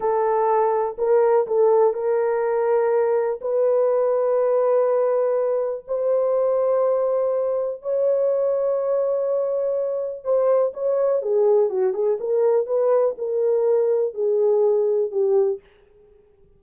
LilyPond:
\new Staff \with { instrumentName = "horn" } { \time 4/4 \tempo 4 = 123 a'2 ais'4 a'4 | ais'2. b'4~ | b'1 | c''1 |
cis''1~ | cis''4 c''4 cis''4 gis'4 | fis'8 gis'8 ais'4 b'4 ais'4~ | ais'4 gis'2 g'4 | }